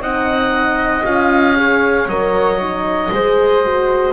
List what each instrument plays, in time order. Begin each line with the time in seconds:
0.00 double bass C4, horn D#4, flute D#5, oboe F#5
1.05 double bass C#4, horn F4, oboe F5
1.56 horn G#4, flute C#5
2.06 double bass F#3, horn A#4, oboe D#5
2.61 horn D#4
3.11 double bass G#3, horn G#4, flute C5
3.64 horn F#4